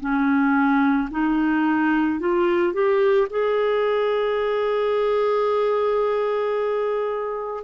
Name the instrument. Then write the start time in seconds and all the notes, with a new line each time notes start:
clarinet
0.00 C#4
1.11 D#4
2.20 F4
2.73 G4
3.30 G#4